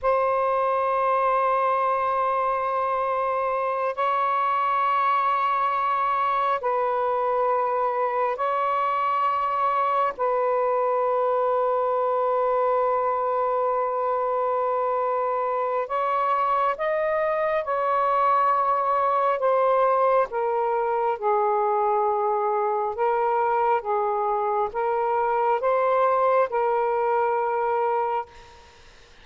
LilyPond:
\new Staff \with { instrumentName = "saxophone" } { \time 4/4 \tempo 4 = 68 c''1~ | c''8 cis''2. b'8~ | b'4. cis''2 b'8~ | b'1~ |
b'2 cis''4 dis''4 | cis''2 c''4 ais'4 | gis'2 ais'4 gis'4 | ais'4 c''4 ais'2 | }